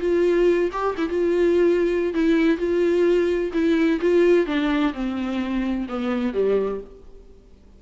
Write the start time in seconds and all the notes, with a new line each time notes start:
0.00 F4
0.72 G4
0.98 E4
1.09 F4
2.14 E4
2.58 F4
3.53 E4
4.01 F4
4.46 D4
4.94 C4
5.89 B3
6.34 G3